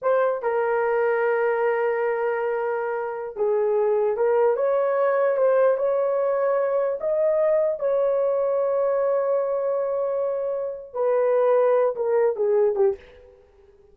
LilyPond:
\new Staff \with { instrumentName = "horn" } { \time 4/4 \tempo 4 = 148 c''4 ais'2.~ | ais'1~ | ais'16 gis'2 ais'4 cis''8.~ | cis''4~ cis''16 c''4 cis''4.~ cis''16~ |
cis''4~ cis''16 dis''2 cis''8.~ | cis''1~ | cis''2. b'4~ | b'4. ais'4 gis'4 g'8 | }